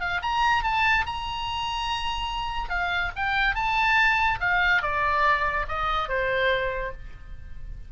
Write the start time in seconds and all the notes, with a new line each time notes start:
0.00 F5
0.22 A#5
0.64 A5
1.06 A#5
2.70 F5
3.16 G5
3.55 A5
4.40 F5
4.82 D5
5.68 D#5
6.08 C5